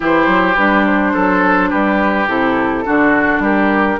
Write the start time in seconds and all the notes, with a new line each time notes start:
0.00 E3 E4 G4 C5
0.26 F#3
0.55 G3 D4 B4
0.86 C5
1.13 F#3 A4
1.69 G3 G4 B4
2.27 C3 E4 A4
2.84 D3 D4 F#4
3.39 G3 G4 A#4